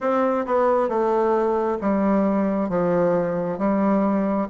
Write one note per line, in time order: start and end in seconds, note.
0.00 0.45 C4
0.46 0.88 B3
0.88 1.78 A3
1.81 2.69 G3
2.69 3.58 F3
3.58 4.48 G3